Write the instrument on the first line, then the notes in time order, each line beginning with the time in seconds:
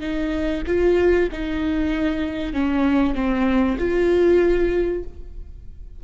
viola
0.00 D#4
0.67 F4
1.32 D#4
2.53 C#4
3.15 C4
3.78 F4